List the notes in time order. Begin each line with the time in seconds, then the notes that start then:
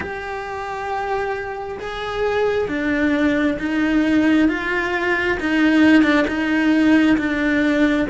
0.00 G4
1.79 G#4
2.68 D4
3.58 D#4
4.48 F4
5.40 D#4
6.03 D4
6.27 D#4
7.17 D4